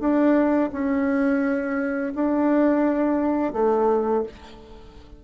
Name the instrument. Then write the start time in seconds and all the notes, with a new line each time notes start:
bassoon
0.00 D4
0.72 C#4
2.15 D4
3.53 A3